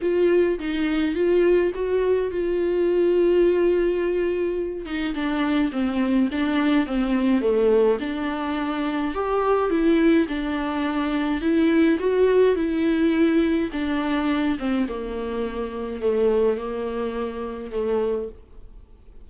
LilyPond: \new Staff \with { instrumentName = "viola" } { \time 4/4 \tempo 4 = 105 f'4 dis'4 f'4 fis'4 | f'1~ | f'8 dis'8 d'4 c'4 d'4 | c'4 a4 d'2 |
g'4 e'4 d'2 | e'4 fis'4 e'2 | d'4. c'8 ais2 | a4 ais2 a4 | }